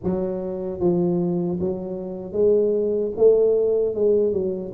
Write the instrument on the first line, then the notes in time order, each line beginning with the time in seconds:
tuba
0.03 F#3
0.79 F3
1.60 F#3
2.32 G#3
3.16 A3
3.94 G#3
4.32 F#3